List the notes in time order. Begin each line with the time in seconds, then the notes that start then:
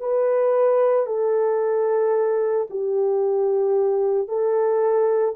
0.00 B4
1.06 A4
2.70 G4
4.28 A4